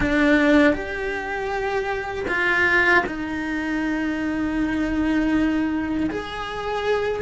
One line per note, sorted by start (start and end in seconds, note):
0.00 0.73 D4
0.73 2.25 G4
2.28 3.03 F4
3.06 6.10 D#4
6.10 7.22 G#4